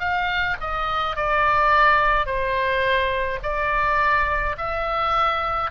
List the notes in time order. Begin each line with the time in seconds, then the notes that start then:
0.00 F5
0.61 D#5
1.16 D5
2.26 C5
3.43 D5
4.58 E5